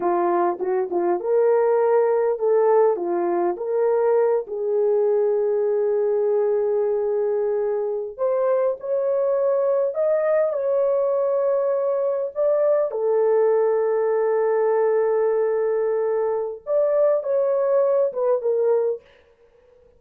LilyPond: \new Staff \with { instrumentName = "horn" } { \time 4/4 \tempo 4 = 101 f'4 fis'8 f'8 ais'2 | a'4 f'4 ais'4. gis'8~ | gis'1~ | gis'4.~ gis'16 c''4 cis''4~ cis''16~ |
cis''8. dis''4 cis''2~ cis''16~ | cis''8. d''4 a'2~ a'16~ | a'1 | d''4 cis''4. b'8 ais'4 | }